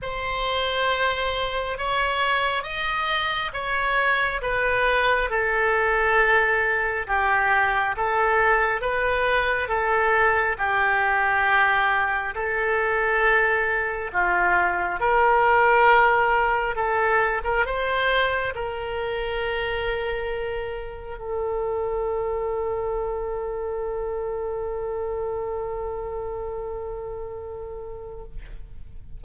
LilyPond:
\new Staff \with { instrumentName = "oboe" } { \time 4/4 \tempo 4 = 68 c''2 cis''4 dis''4 | cis''4 b'4 a'2 | g'4 a'4 b'4 a'4 | g'2 a'2 |
f'4 ais'2 a'8. ais'16 | c''4 ais'2. | a'1~ | a'1 | }